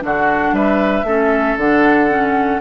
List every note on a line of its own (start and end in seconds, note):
0.00 0.52 D3
0.00 1.03 D4
0.00 0.54 F#4
0.00 0.54 F#5
0.52 1.03 G3
0.52 1.06 B4
0.52 1.58 E5
1.03 1.55 A3
1.03 1.59 C#4
1.03 2.61 A4
1.57 2.60 D3
1.57 2.09 D4
1.57 2.61 F#5
2.09 2.61 C#4